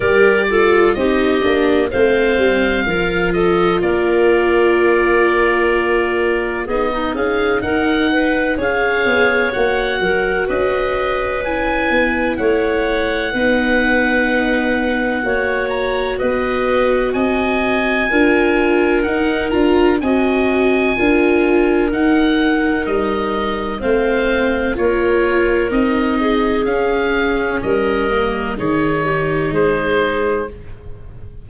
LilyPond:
<<
  \new Staff \with { instrumentName = "oboe" } { \time 4/4 \tempo 4 = 63 d''4 dis''4 f''4. dis''8 | d''2. dis''8 f''8 | fis''4 f''4 fis''4 dis''4 | gis''4 fis''2.~ |
fis''8 ais''8 dis''4 gis''2 | fis''8 ais''8 gis''2 fis''4 | dis''4 f''4 cis''4 dis''4 | f''4 dis''4 cis''4 c''4 | }
  \new Staff \with { instrumentName = "clarinet" } { \time 4/4 ais'8 a'8 g'4 c''4 ais'8 a'8 | ais'2. gis'16 dis'16 gis'8 | ais'8 b'8 cis''4. ais'8 b'4~ | b'4 cis''4 b'2 |
cis''4 b'4 dis''4 ais'4~ | ais'4 dis''4 ais'2~ | ais'4 c''4 ais'4. gis'8~ | gis'4 ais'4 gis'8 g'8 gis'4 | }
  \new Staff \with { instrumentName = "viola" } { \time 4/4 g'8 f'8 dis'8 d'8 c'4 f'4~ | f'2. dis'4~ | dis'4 gis'4 fis'2 | e'2 dis'2 |
fis'2. f'4 | dis'8 f'8 fis'4 f'4 dis'4~ | dis'4 c'4 f'4 dis'4 | cis'4. ais8 dis'2 | }
  \new Staff \with { instrumentName = "tuba" } { \time 4/4 g4 c'8 ais8 a8 g8 f4 | ais2. b8 cis'8 | dis'4 cis'8 b8 ais8 fis8 cis'4~ | cis'8 b8 a4 b2 |
ais4 b4 c'4 d'4 | dis'8 d'8 c'4 d'4 dis'4 | g4 a4 ais4 c'4 | cis'4 g4 dis4 gis4 | }
>>